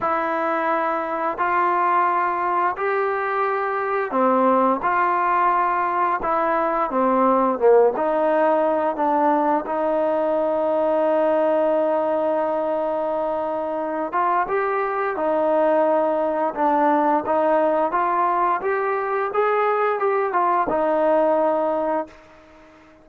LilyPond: \new Staff \with { instrumentName = "trombone" } { \time 4/4 \tempo 4 = 87 e'2 f'2 | g'2 c'4 f'4~ | f'4 e'4 c'4 ais8 dis'8~ | dis'4 d'4 dis'2~ |
dis'1~ | dis'8 f'8 g'4 dis'2 | d'4 dis'4 f'4 g'4 | gis'4 g'8 f'8 dis'2 | }